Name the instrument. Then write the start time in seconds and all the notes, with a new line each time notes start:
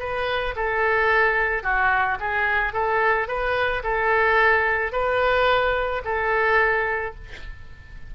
oboe
0.00 B4
0.56 A4
1.63 F#4
2.20 G#4
2.73 A4
3.28 B4
3.84 A4
4.93 B4
6.05 A4